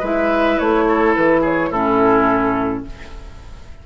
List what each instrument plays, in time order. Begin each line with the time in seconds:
0.00 bassoon G#3, clarinet E4, oboe B4, flute E5
0.59 bassoon A3, flute C#5
0.88 oboe A4
1.15 bassoon E3, flute B4
1.41 oboe G#4, flute C#5
1.71 bassoon A2, clarinet C#4, oboe E4, flute A4